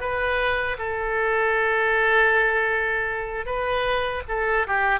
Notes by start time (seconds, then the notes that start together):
0.00 B4
0.78 A4
3.45 B4
4.28 A4
4.67 G4